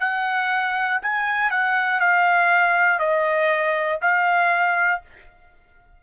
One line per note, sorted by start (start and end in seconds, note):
0.00 1.00 F#5
1.02 1.50 G#5
1.50 2.00 F#5
2.00 2.99 F5
2.99 3.99 D#5
4.01 5.01 F5